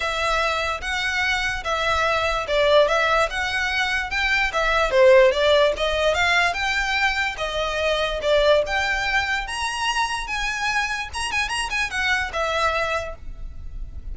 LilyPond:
\new Staff \with { instrumentName = "violin" } { \time 4/4 \tempo 4 = 146 e''2 fis''2 | e''2 d''4 e''4 | fis''2 g''4 e''4 | c''4 d''4 dis''4 f''4 |
g''2 dis''2 | d''4 g''2 ais''4~ | ais''4 gis''2 ais''8 gis''8 | ais''8 gis''8 fis''4 e''2 | }